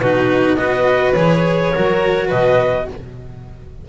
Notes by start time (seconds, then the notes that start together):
0.00 B2 D#4 F#4 B4
0.55 B3 F#4 D#5
0.63 B4
1.14 E3 G#4 C#5
1.74 F#3 F#4 A#4
2.28 B2 B4 D#5